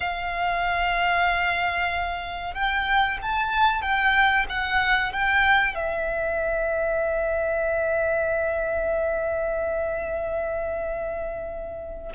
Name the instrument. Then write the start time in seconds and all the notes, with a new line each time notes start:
violin
0.00 F5
2.54 G5
3.22 A5
3.82 G5
4.49 F#5
5.12 G5
5.74 E5